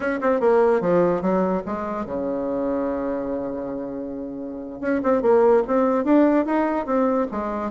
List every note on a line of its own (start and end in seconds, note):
0.00 0.19 C#4
0.21 0.40 C4
0.40 0.80 A#3
0.80 1.21 F3
1.21 1.62 F#3
1.66 2.05 G#3
2.05 4.80 C#3
4.80 5.01 C#4
5.03 5.21 C4
5.21 5.62 A#3
5.67 6.04 C4
6.04 6.45 D4
6.45 6.85 D#4
6.85 7.26 C4
7.31 7.71 G#3